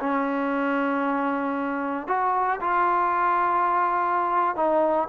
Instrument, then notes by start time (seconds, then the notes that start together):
trombone
0.00 C#4
2.08 F#4
2.61 F4
4.56 D#4